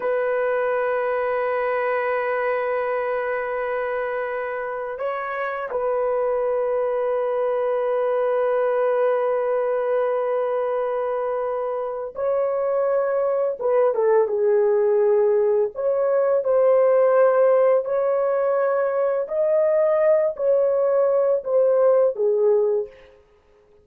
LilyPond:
\new Staff \with { instrumentName = "horn" } { \time 4/4 \tempo 4 = 84 b'1~ | b'2. cis''4 | b'1~ | b'1~ |
b'4 cis''2 b'8 a'8 | gis'2 cis''4 c''4~ | c''4 cis''2 dis''4~ | dis''8 cis''4. c''4 gis'4 | }